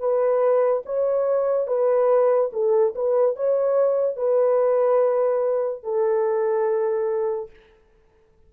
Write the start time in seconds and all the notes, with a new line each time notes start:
0.00 B4
0.86 C#5
1.68 B4
2.53 A4
2.95 B4
3.37 C#5
4.17 B4
5.84 A4